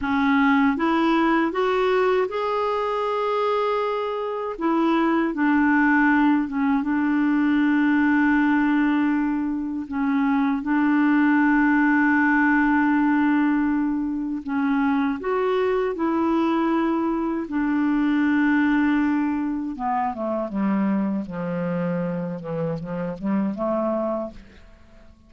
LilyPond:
\new Staff \with { instrumentName = "clarinet" } { \time 4/4 \tempo 4 = 79 cis'4 e'4 fis'4 gis'4~ | gis'2 e'4 d'4~ | d'8 cis'8 d'2.~ | d'4 cis'4 d'2~ |
d'2. cis'4 | fis'4 e'2 d'4~ | d'2 b8 a8 g4 | f4. e8 f8 g8 a4 | }